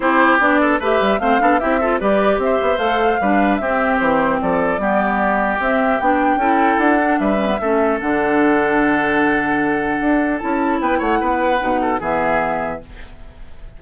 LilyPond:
<<
  \new Staff \with { instrumentName = "flute" } { \time 4/4 \tempo 4 = 150 c''4 d''4 e''4 f''4 | e''4 d''4 e''4 f''4~ | f''4 e''4 c''4 d''4~ | d''2 e''4 g''4~ |
g''4 fis''4 e''2 | fis''1~ | fis''2 a''4 g''8 fis''8~ | fis''2 e''2 | }
  \new Staff \with { instrumentName = "oboe" } { \time 4/4 g'4. a'8 b'4 c''8 a'8 | g'8 a'8 b'4 c''2 | b'4 g'2 a'4 | g'1 |
a'2 b'4 a'4~ | a'1~ | a'2. b'8 cis''8 | b'4. a'8 gis'2 | }
  \new Staff \with { instrumentName = "clarinet" } { \time 4/4 e'4 d'4 g'4 c'8 d'8 | e'8 f'8 g'2 a'4 | d'4 c'2. | b2 c'4 d'4 |
e'4. d'4 cis'16 b16 cis'4 | d'1~ | d'2 e'2~ | e'4 dis'4 b2 | }
  \new Staff \with { instrumentName = "bassoon" } { \time 4/4 c'4 b4 a8 g8 a8 b8 | c'4 g4 c'8 b8 a4 | g4 c'4 e4 f4 | g2 c'4 b4 |
cis'4 d'4 g4 a4 | d1~ | d4 d'4 cis'4 b8 a8 | b4 b,4 e2 | }
>>